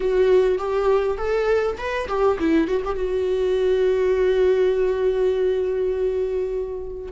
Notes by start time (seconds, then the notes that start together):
0.00 F#4
0.58 G4
1.17 A4
1.77 B4
2.08 G4
2.39 E4
2.67 F#4
2.84 G4
2.95 F#4